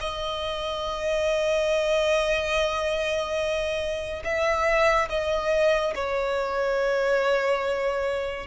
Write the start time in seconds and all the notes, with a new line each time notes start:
0.00 D#5
4.24 E5
5.09 D#5
5.95 C#5